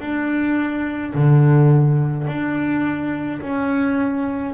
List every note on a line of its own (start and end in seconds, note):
0.00 1.13 D4
1.14 2.27 D3
2.27 3.41 D4
3.42 4.53 C#4